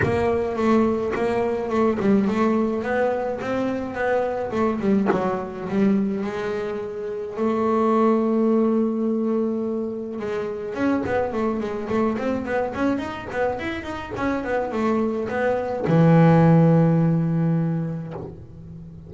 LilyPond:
\new Staff \with { instrumentName = "double bass" } { \time 4/4 \tempo 4 = 106 ais4 a4 ais4 a8 g8 | a4 b4 c'4 b4 | a8 g8 fis4 g4 gis4~ | gis4 a2.~ |
a2 gis4 cis'8 b8 | a8 gis8 a8 c'8 b8 cis'8 dis'8 b8 | e'8 dis'8 cis'8 b8 a4 b4 | e1 | }